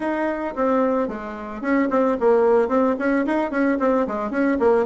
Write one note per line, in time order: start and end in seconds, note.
0.00 0.54 D#4
0.55 1.08 C4
1.08 1.61 G#3
1.61 1.88 C#4
1.90 2.17 C4
2.19 2.68 A#3
2.68 2.95 C4
2.98 3.25 C#4
3.26 3.50 D#4
3.50 3.77 C#4
3.79 4.06 C4
4.07 4.30 G#3
4.30 4.57 C#4
4.59 4.85 A#3